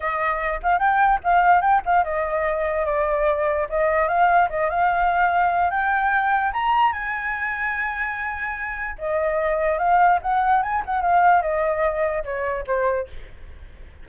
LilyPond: \new Staff \with { instrumentName = "flute" } { \time 4/4 \tempo 4 = 147 dis''4. f''8 g''4 f''4 | g''8 f''8 dis''2 d''4~ | d''4 dis''4 f''4 dis''8 f''8~ | f''2 g''2 |
ais''4 gis''2.~ | gis''2 dis''2 | f''4 fis''4 gis''8 fis''8 f''4 | dis''2 cis''4 c''4 | }